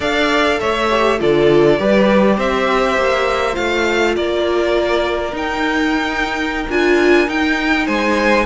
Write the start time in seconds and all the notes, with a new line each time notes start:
0.00 D4 A4 D5 F5
0.59 A3 C#5 E5
0.90 G4
1.19 D3 F4 A4 D5
1.78 G3 G4 B4
2.36 C4 C5 E5
2.97 A#3
3.53 A3 F4 F5
4.14 A#3 A#4 D5
5.32 D#4 G5
6.69 D4 F4 G#5
7.26 D#4 G5
7.85 G#3 C5 G#5